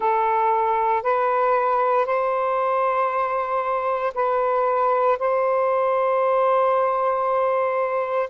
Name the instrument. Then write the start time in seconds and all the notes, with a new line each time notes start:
saxophone
0.00 A4
1.03 B4
2.05 C5
4.14 B4
5.18 C5